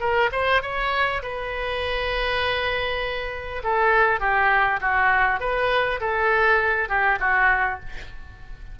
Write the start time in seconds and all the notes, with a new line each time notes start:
0.00 A#4
0.32 C5
0.62 C#5
1.23 B4
3.64 A4
4.20 G4
4.81 F#4
5.40 B4
6.01 A4
6.89 G4
7.19 F#4